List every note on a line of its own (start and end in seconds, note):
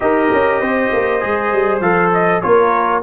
0.00 0.31 D#4
0.00 1.20 G4
0.00 0.60 A#4
0.00 1.80 D#5
0.32 0.60 C#4
0.60 0.90 C4
0.60 2.42 C5
0.92 1.22 A#3
1.20 1.53 G#3
1.20 1.81 G#4
1.53 1.80 G3
1.80 2.41 F3
1.80 2.42 A4
1.80 2.11 F5
2.13 2.41 D#5
2.41 3.02 A#3
2.41 3.02 F4
2.41 3.02 A#4
2.41 3.02 C#5